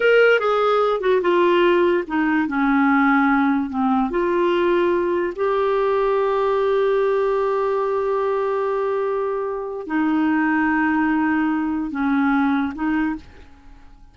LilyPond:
\new Staff \with { instrumentName = "clarinet" } { \time 4/4 \tempo 4 = 146 ais'4 gis'4. fis'8 f'4~ | f'4 dis'4 cis'2~ | cis'4 c'4 f'2~ | f'4 g'2.~ |
g'1~ | g'1 | dis'1~ | dis'4 cis'2 dis'4 | }